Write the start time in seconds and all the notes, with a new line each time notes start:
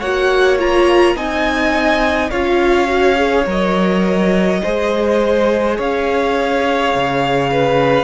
0.00 A#3 F#4 C#5 F#5
0.59 F4 A#5
1.15 C4 D#4 D#5 G#5
2.30 C#4 F4 C#5 F5
2.87 F#4
3.16 G#4
3.46 F#3 A#4 D#5
4.63 G#3 G#4 C5
5.77 C#4 C#5 F5
6.95 C#3
7.52 B4